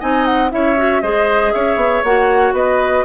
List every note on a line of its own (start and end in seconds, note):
0.00 0.53 C4
0.00 0.51 D#4
0.00 0.51 D#5
0.00 0.26 G#5
0.26 0.51 F#5
0.51 1.03 C#4
0.51 0.76 E4
0.51 1.03 C#5
0.51 1.02 E5
0.77 1.03 F#4
1.02 1.54 G#3
1.02 2.05 G#4
1.02 1.53 C5
1.02 1.53 D#5
1.53 1.76 C#4
1.53 2.55 C#5
1.53 2.03 E5
1.76 2.02 B3
2.04 2.53 A#3
2.04 3.05 F#4
2.04 2.55 F#5
2.53 3.04 B3
2.53 3.05 B4
2.53 3.05 D#5